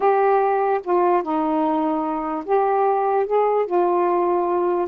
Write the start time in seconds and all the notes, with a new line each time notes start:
0.00 G4
0.83 F4
1.22 D#4
2.45 G4
3.26 G#4
3.66 F4